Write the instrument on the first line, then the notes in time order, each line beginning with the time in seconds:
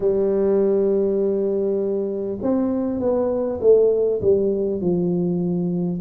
tuba
0.00 G3
2.42 C4
2.99 B3
3.60 A3
4.21 G3
4.80 F3